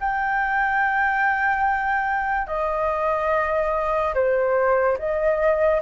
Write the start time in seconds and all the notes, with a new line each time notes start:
0.00 G5
2.47 D#5
4.14 C5
4.98 D#5